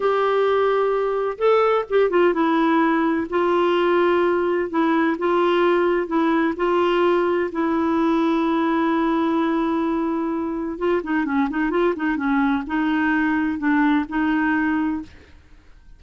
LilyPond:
\new Staff \with { instrumentName = "clarinet" } { \time 4/4 \tempo 4 = 128 g'2. a'4 | g'8 f'8 e'2 f'4~ | f'2 e'4 f'4~ | f'4 e'4 f'2 |
e'1~ | e'2. f'8 dis'8 | cis'8 dis'8 f'8 dis'8 cis'4 dis'4~ | dis'4 d'4 dis'2 | }